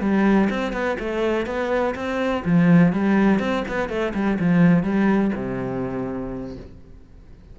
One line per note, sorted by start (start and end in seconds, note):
0.00 0.48 G3
0.49 0.72 C4
0.72 0.97 B3
0.99 1.46 A3
1.46 1.94 B3
1.95 2.43 C4
2.45 2.92 F3
2.92 3.39 G3
3.39 3.63 C4
3.68 3.88 B3
3.88 4.13 A3
4.14 4.38 G3
4.39 4.83 F3
4.83 5.31 G3
5.35 6.56 C3